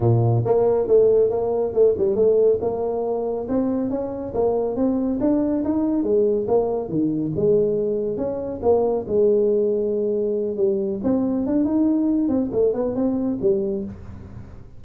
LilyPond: \new Staff \with { instrumentName = "tuba" } { \time 4/4 \tempo 4 = 139 ais,4 ais4 a4 ais4 | a8 g8 a4 ais2 | c'4 cis'4 ais4 c'4 | d'4 dis'4 gis4 ais4 |
dis4 gis2 cis'4 | ais4 gis2.~ | gis8 g4 c'4 d'8 dis'4~ | dis'8 c'8 a8 b8 c'4 g4 | }